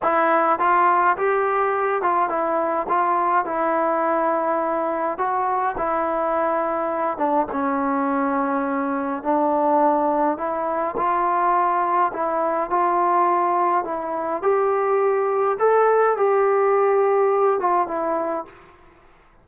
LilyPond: \new Staff \with { instrumentName = "trombone" } { \time 4/4 \tempo 4 = 104 e'4 f'4 g'4. f'8 | e'4 f'4 e'2~ | e'4 fis'4 e'2~ | e'8 d'8 cis'2. |
d'2 e'4 f'4~ | f'4 e'4 f'2 | e'4 g'2 a'4 | g'2~ g'8 f'8 e'4 | }